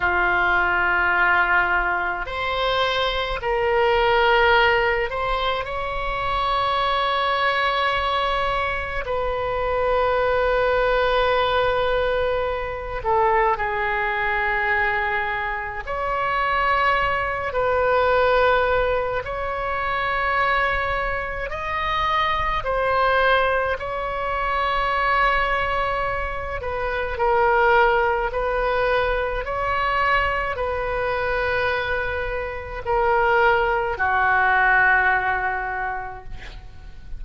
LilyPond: \new Staff \with { instrumentName = "oboe" } { \time 4/4 \tempo 4 = 53 f'2 c''4 ais'4~ | ais'8 c''8 cis''2. | b'2.~ b'8 a'8 | gis'2 cis''4. b'8~ |
b'4 cis''2 dis''4 | c''4 cis''2~ cis''8 b'8 | ais'4 b'4 cis''4 b'4~ | b'4 ais'4 fis'2 | }